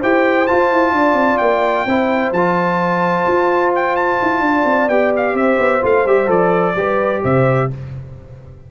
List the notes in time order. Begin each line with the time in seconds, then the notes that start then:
0.00 E4 G4 C5 G5
0.47 F4 A5
0.72 E4
0.93 D4 D5
1.14 C4
1.38 A#3 G5
1.86 C4 E4 C5
2.32 F3 F4 A5
3.28 F4
3.76 G5
3.97 A5
4.22 E4
4.41 D4 D5
4.66 C4
4.88 B3 G4 G5
5.17 F5
5.34 C4 C5 E5
5.59 B3
5.82 A3 F4 F5
6.05 G3 G4 E5
6.27 F3 A4 D5
6.76 G3 G4 B4
7.23 C3 C5 E5